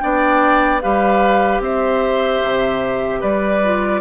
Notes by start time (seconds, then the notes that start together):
0.00 B3 D4 D5 G5
0.82 G3 G4 B4 F5
1.60 C4 C5 E5
2.43 C3
3.20 G3 B4 D5
3.64 F4